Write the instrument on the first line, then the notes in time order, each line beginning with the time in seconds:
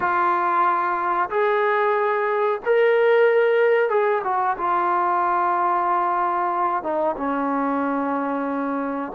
trombone
0.00 F4
1.30 G#4
2.65 A#4
3.89 G#4
4.24 F#4
4.57 F4
6.83 D#4
7.16 C#4